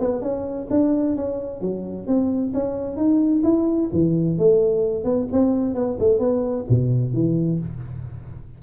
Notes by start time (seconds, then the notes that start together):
0.00 B3
0.22 C#4
0.70 D4
1.16 C#4
1.61 F#3
2.07 C4
2.54 C#4
2.97 D#4
3.44 E4
3.93 E3
4.38 A3
5.04 B3
5.32 C4
5.75 B3
5.99 A3
6.19 B3
6.70 B2
7.13 E3